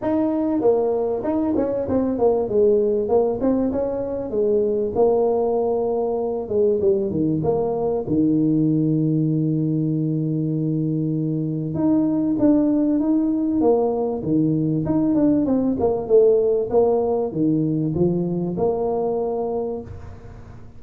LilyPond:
\new Staff \with { instrumentName = "tuba" } { \time 4/4 \tempo 4 = 97 dis'4 ais4 dis'8 cis'8 c'8 ais8 | gis4 ais8 c'8 cis'4 gis4 | ais2~ ais8 gis8 g8 dis8 | ais4 dis2.~ |
dis2. dis'4 | d'4 dis'4 ais4 dis4 | dis'8 d'8 c'8 ais8 a4 ais4 | dis4 f4 ais2 | }